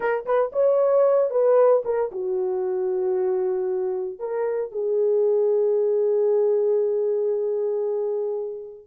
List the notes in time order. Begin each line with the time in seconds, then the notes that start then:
0.00 A#4
0.25 B4
0.52 C#5
1.30 B4
1.84 A#4
2.11 F#4
4.19 A#4
4.71 G#4